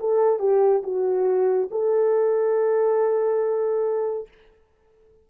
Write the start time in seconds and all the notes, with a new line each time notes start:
0.00 A4
0.39 G4
0.83 F#4
1.71 A4